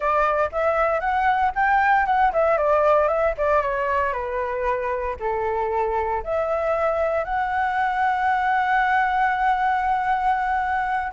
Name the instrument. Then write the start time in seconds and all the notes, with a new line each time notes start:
flute
0.00 D5
0.51 E5
1.00 F#5
1.55 G5
2.06 F#5
2.33 E5
2.57 D5
3.08 E5
3.37 D5
3.61 C#5
4.12 B4
5.19 A4
6.23 E5
7.24 F#5